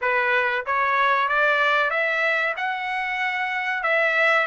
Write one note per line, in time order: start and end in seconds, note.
0.01 0.65 B4
0.66 1.28 C#5
1.28 1.90 D5
1.90 2.54 E5
2.56 3.83 F#5
3.83 4.47 E5